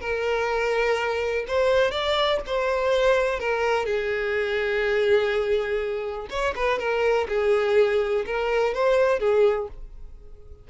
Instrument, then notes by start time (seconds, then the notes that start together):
violin
0.00 A#4
1.47 C5
1.91 D5
2.46 C5
3.39 A#4
3.85 G#4
6.30 C#5
6.55 B4
6.79 A#4
7.28 G#4
8.26 A#4
8.74 C5
9.19 G#4